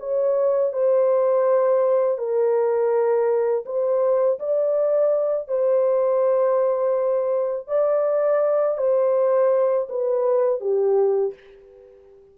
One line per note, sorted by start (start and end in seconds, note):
0.00 0.73 C#5
0.73 2.19 C5
2.19 3.65 A#4
3.66 4.39 C5
4.40 5.48 D5
5.48 7.68 C5
7.68 8.78 D5
8.78 9.88 C5
9.89 10.61 B4
10.61 11.34 G4